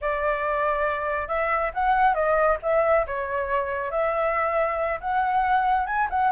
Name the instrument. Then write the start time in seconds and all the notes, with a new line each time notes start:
flute
0.01 D5
1.27 E5
1.74 F#5
2.14 D#5
2.62 E5
3.07 C#5
3.91 E5
5.00 F#5
5.86 G#5
6.10 F#5